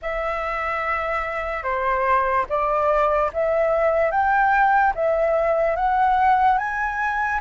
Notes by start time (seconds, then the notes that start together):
0.01 E5
1.63 C5
2.49 D5
3.33 E5
4.11 G5
4.95 E5
5.75 F#5
6.58 G#5